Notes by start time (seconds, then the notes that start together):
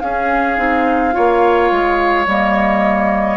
0.00 C#4 G#4 F5
0.57 C4 D#4
1.12 A#3 F4 C#5
1.71 G#3
2.26 G3 A#3 D#5